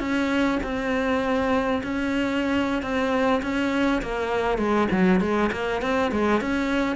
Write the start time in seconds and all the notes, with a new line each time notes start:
0.00 C#4
0.64 C4
1.84 C#4
2.83 C4
3.43 C#4
4.03 A#3
4.59 G#3
4.91 F#3
5.21 G#3
5.52 A#3
5.82 C4
6.12 G#3
6.41 C#4